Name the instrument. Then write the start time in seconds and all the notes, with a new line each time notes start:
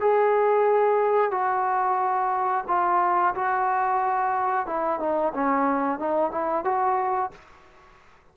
trombone
0.00 G#4
1.31 F#4
2.67 F4
3.35 F#4
4.66 E4
4.99 D#4
5.33 C#4
5.99 D#4
6.31 E4
6.64 F#4